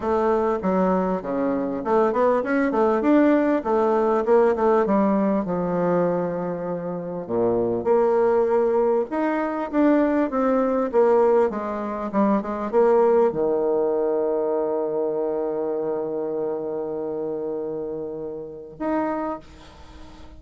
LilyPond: \new Staff \with { instrumentName = "bassoon" } { \time 4/4 \tempo 4 = 99 a4 fis4 cis4 a8 b8 | cis'8 a8 d'4 a4 ais8 a8 | g4 f2. | ais,4 ais2 dis'4 |
d'4 c'4 ais4 gis4 | g8 gis8 ais4 dis2~ | dis1~ | dis2. dis'4 | }